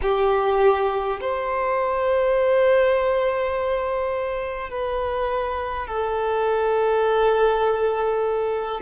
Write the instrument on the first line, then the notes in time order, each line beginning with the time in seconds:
violin
0.02 G4
1.21 C5
4.70 B4
5.87 A4